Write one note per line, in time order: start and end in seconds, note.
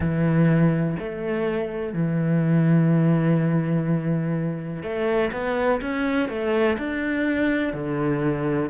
0.00 0.96 E3
0.99 1.93 A3
1.93 4.83 E3
4.83 5.31 A3
5.32 5.80 B3
5.81 6.28 C#4
6.28 6.77 A3
6.77 7.73 D4
7.73 8.70 D3